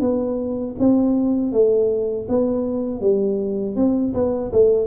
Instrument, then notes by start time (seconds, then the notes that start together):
tuba
0.00 B3
0.78 C4
1.52 A3
2.28 B3
3.00 G3
3.76 C4
4.14 B3
4.52 A3